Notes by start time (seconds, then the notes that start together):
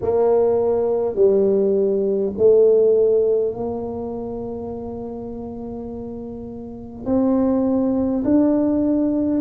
0.01 A#3
1.15 G3
2.37 A3
3.53 A#3
7.05 C4
8.24 D4